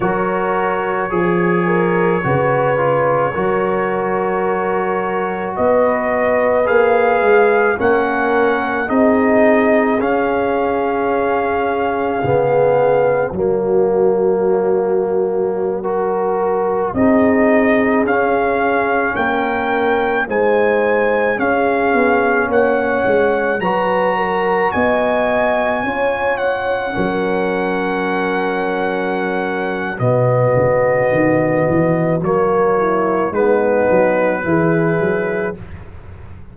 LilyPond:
<<
  \new Staff \with { instrumentName = "trumpet" } { \time 4/4 \tempo 4 = 54 cis''1~ | cis''4 dis''4 f''4 fis''4 | dis''4 f''2. | cis''2.~ cis''16 dis''8.~ |
dis''16 f''4 g''4 gis''4 f''8.~ | f''16 fis''4 ais''4 gis''4. fis''16~ | fis''2. dis''4~ | dis''4 cis''4 b'2 | }
  \new Staff \with { instrumentName = "horn" } { \time 4/4 ais'4 gis'8 ais'8 b'4 ais'4~ | ais'4 b'2 ais'4 | gis'1 | fis'2~ fis'16 ais'4 gis'8.~ |
gis'4~ gis'16 ais'4 c''4 gis'8.~ | gis'16 cis''4 b'8 ais'8 dis''4 cis''8.~ | cis''16 ais'2~ ais'8. fis'4~ | fis'4. e'8 dis'4 gis'4 | }
  \new Staff \with { instrumentName = "trombone" } { \time 4/4 fis'4 gis'4 fis'8 f'8 fis'4~ | fis'2 gis'4 cis'4 | dis'4 cis'2 b4 | ais2~ ais16 fis'4 dis'8.~ |
dis'16 cis'2 dis'4 cis'8.~ | cis'4~ cis'16 fis'2 f'8.~ | f'16 cis'2~ cis'8. b4~ | b4 ais4 b4 e'4 | }
  \new Staff \with { instrumentName = "tuba" } { \time 4/4 fis4 f4 cis4 fis4~ | fis4 b4 ais8 gis8 ais4 | c'4 cis'2 cis4 | fis2.~ fis16 c'8.~ |
c'16 cis'4 ais4 gis4 cis'8 b16~ | b16 ais8 gis8 fis4 b4 cis'8.~ | cis'16 fis2~ fis8. b,8 cis8 | dis8 e8 fis4 gis8 fis8 e8 fis8 | }
>>